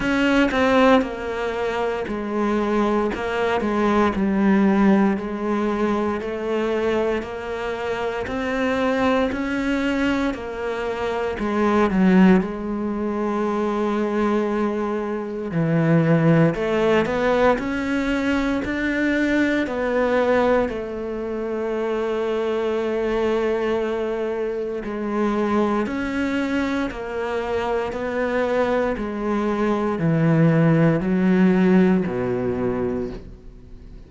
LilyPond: \new Staff \with { instrumentName = "cello" } { \time 4/4 \tempo 4 = 58 cis'8 c'8 ais4 gis4 ais8 gis8 | g4 gis4 a4 ais4 | c'4 cis'4 ais4 gis8 fis8 | gis2. e4 |
a8 b8 cis'4 d'4 b4 | a1 | gis4 cis'4 ais4 b4 | gis4 e4 fis4 b,4 | }